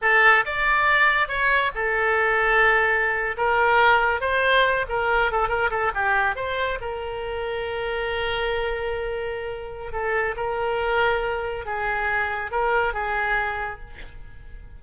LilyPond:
\new Staff \with { instrumentName = "oboe" } { \time 4/4 \tempo 4 = 139 a'4 d''2 cis''4 | a'2.~ a'8. ais'16~ | ais'4.~ ais'16 c''4. ais'8.~ | ais'16 a'8 ais'8 a'8 g'4 c''4 ais'16~ |
ais'1~ | ais'2. a'4 | ais'2. gis'4~ | gis'4 ais'4 gis'2 | }